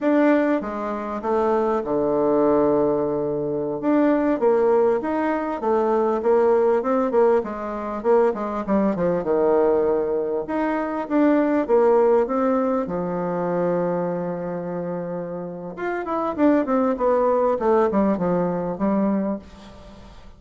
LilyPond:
\new Staff \with { instrumentName = "bassoon" } { \time 4/4 \tempo 4 = 99 d'4 gis4 a4 d4~ | d2~ d16 d'4 ais8.~ | ais16 dis'4 a4 ais4 c'8 ais16~ | ais16 gis4 ais8 gis8 g8 f8 dis8.~ |
dis4~ dis16 dis'4 d'4 ais8.~ | ais16 c'4 f2~ f8.~ | f2 f'8 e'8 d'8 c'8 | b4 a8 g8 f4 g4 | }